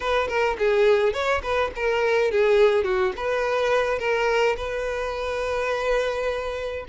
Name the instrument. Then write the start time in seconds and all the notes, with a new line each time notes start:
violin
0.00 B4
0.28 A#4
0.58 G#4
1.13 C#5
1.42 B4
1.75 A#4
2.31 G#4
2.84 F#4
3.16 B4
3.98 A#4
4.57 B4